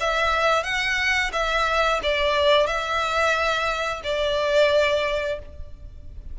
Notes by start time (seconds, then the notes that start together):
0.00 E5
0.63 F#5
1.32 E5
2.03 D5
2.66 E5
4.04 D5